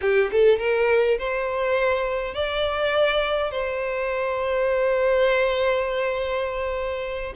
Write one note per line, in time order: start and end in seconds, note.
0.01 0.30 G4
0.31 0.59 A4
0.59 1.17 A#4
1.18 2.34 C5
2.34 3.51 D5
3.51 7.33 C5